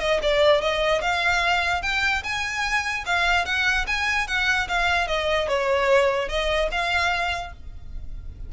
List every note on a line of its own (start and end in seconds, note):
0.00 0.20 D#5
0.22 0.62 D5
0.62 1.02 D#5
1.02 1.82 F5
1.82 2.23 G5
2.24 3.05 G#5
3.06 3.46 F5
3.46 3.86 F#5
3.87 4.28 G#5
4.28 4.68 F#5
4.68 5.08 F5
5.08 5.48 D#5
5.48 6.29 C#5
6.29 6.69 D#5
6.72 7.53 F5